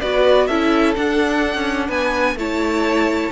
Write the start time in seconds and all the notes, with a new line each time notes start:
0.00 B3 F#4 B4 D5
0.47 C#4 E4 A4 E5
0.95 D4 F#5
1.54 C#4
1.87 B3 B4 G#5
2.35 A3 E4 C#5 A5